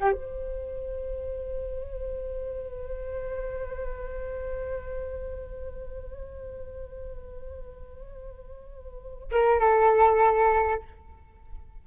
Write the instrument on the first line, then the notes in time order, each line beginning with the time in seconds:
flute
0.00 G4
0.12 C5
9.31 A#4
9.59 A4